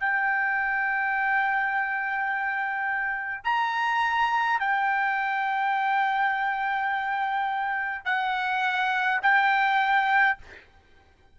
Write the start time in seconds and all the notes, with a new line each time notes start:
0.00 G5
3.45 A#5
4.59 G5
8.05 F#5
9.23 G5